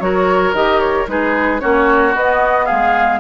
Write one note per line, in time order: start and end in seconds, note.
0.00 0.53 F#3
0.00 0.54 F#4
0.00 1.11 A#4
0.00 0.54 C#5
0.53 1.07 D#3
0.53 1.07 G4
0.53 0.80 D#5
0.80 1.07 C#5
1.07 1.61 G#3
1.07 1.60 D#4
1.07 1.61 G#4
1.07 1.60 B4
1.60 2.15 A#3
1.60 2.14 C#4
1.60 2.66 F#4
1.60 2.14 C#5
2.15 2.68 B3
2.15 3.20 B3
2.15 2.66 D#5
2.66 3.20 G#3
2.66 3.20 G#4
2.66 3.19 F5